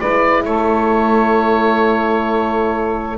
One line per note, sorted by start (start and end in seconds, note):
0.00 0.45 G#3
0.00 3.18 E4
0.00 0.45 B4
0.00 0.44 D5
0.45 3.18 A3
0.45 3.18 A4
0.45 3.18 C#5